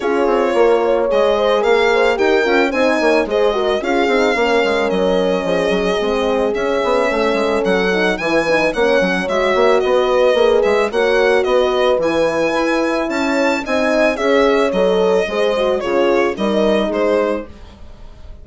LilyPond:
<<
  \new Staff \with { instrumentName = "violin" } { \time 4/4 \tempo 4 = 110 cis''2 dis''4 f''4 | g''4 gis''4 dis''4 f''4~ | f''4 dis''2. | e''2 fis''4 gis''4 |
fis''4 e''4 dis''4. e''8 | fis''4 dis''4 gis''2 | a''4 gis''4 e''4 dis''4~ | dis''4 cis''4 dis''4 c''4 | }
  \new Staff \with { instrumentName = "horn" } { \time 4/4 gis'4 ais'8 cis''4 c''8 ais'8 c''8 | ais'4 c''8 cis''8 c''8 ais'8 gis'4 | ais'2 gis'2~ | gis'4 a'2 b'4 |
cis''2 b'2 | cis''4 b'2. | cis''4 dis''4 cis''2 | c''4 gis'4 ais'4 gis'4 | }
  \new Staff \with { instrumentName = "horn" } { \time 4/4 f'2 gis'2 | g'8 f'8 dis'4 gis'8 fis'8 f'8 dis'8 | cis'2. c'4 | cis'2~ cis'8 dis'8 e'8 dis'8 |
cis'4 fis'2 gis'4 | fis'2 e'2~ | e'4 dis'4 gis'4 a'4 | gis'8 fis'8 f'4 dis'2 | }
  \new Staff \with { instrumentName = "bassoon" } { \time 4/4 cis'8 c'8 ais4 gis4 ais4 | dis'8 cis'8 c'8 ais8 gis4 cis'8 c'8 | ais8 gis8 fis4 f8 fis8 gis4 | cis'8 b8 a8 gis8 fis4 e4 |
ais8 fis8 gis8 ais8 b4 ais8 gis8 | ais4 b4 e4 e'4 | cis'4 c'4 cis'4 fis4 | gis4 cis4 g4 gis4 | }
>>